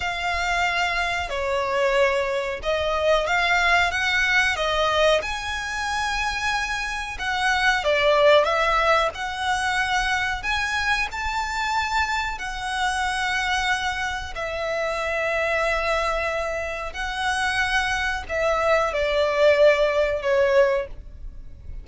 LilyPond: \new Staff \with { instrumentName = "violin" } { \time 4/4 \tempo 4 = 92 f''2 cis''2 | dis''4 f''4 fis''4 dis''4 | gis''2. fis''4 | d''4 e''4 fis''2 |
gis''4 a''2 fis''4~ | fis''2 e''2~ | e''2 fis''2 | e''4 d''2 cis''4 | }